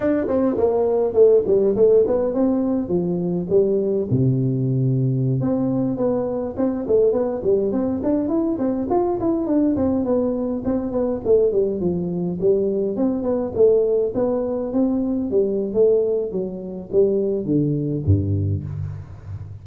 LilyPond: \new Staff \with { instrumentName = "tuba" } { \time 4/4 \tempo 4 = 103 d'8 c'8 ais4 a8 g8 a8 b8 | c'4 f4 g4 c4~ | c4~ c16 c'4 b4 c'8 a16~ | a16 b8 g8 c'8 d'8 e'8 c'8 f'8 e'16~ |
e'16 d'8 c'8 b4 c'8 b8 a8 g16~ | g16 f4 g4 c'8 b8 a8.~ | a16 b4 c'4 g8. a4 | fis4 g4 d4 g,4 | }